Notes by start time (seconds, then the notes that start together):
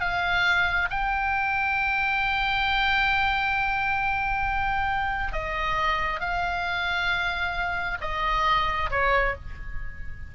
0.00 F5
0.90 G5
5.32 D#5
6.20 F5
8.01 D#5
8.90 C#5